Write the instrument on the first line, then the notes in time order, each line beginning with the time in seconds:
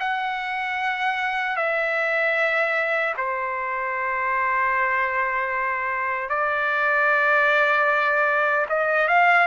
trumpet
0.00 F#5
1.57 E5
3.18 C5
6.30 D5
8.69 D#5
9.08 F5